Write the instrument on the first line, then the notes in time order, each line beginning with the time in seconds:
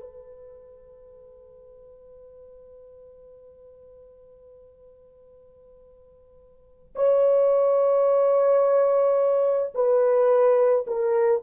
horn
0.00 B4
6.95 C#5
9.75 B4
10.87 A#4